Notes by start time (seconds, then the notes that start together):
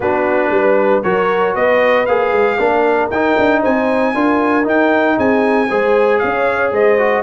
0.00 B3 D4 F#4 B4
0.50 G3 B4
1.02 F#3 F#4 A#4 C#5
1.54 B3 B4 D#5
2.05 A#3 G#4 F5
2.32 G#3
2.58 A#3 D4 A#4
3.10 D#4 G5
3.38 D4
3.60 C4 C5 G#5
4.14 D4 F4 A#4
4.63 D#4 G5
5.16 C4 G#4 G#5
5.68 G#3 G#4 C5
6.18 C#4 C#5 F5
6.72 G#3 C5 D#5
6.98 F#4